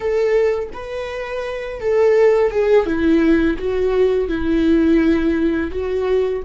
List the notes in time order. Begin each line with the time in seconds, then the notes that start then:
0.00 A4
0.73 B4
1.80 A4
2.50 G#4
2.86 E4
3.58 F#4
4.28 E4
5.71 F#4